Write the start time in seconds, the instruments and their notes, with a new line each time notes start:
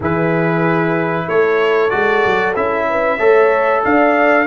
0.00 tuba E3, trombone E4, horn G#4, trumpet B4
1.28 tuba A3, horn A4, trumpet C#5
1.89 tuba G#3, trombone F#4, trumpet D5
2.26 tuba F#3
2.55 tuba C#4, trombone E4, trumpet E5
2.89 horn B4
3.18 tuba A3, trombone A4, horn C#5
3.84 tuba D4, horn D5, trumpet F5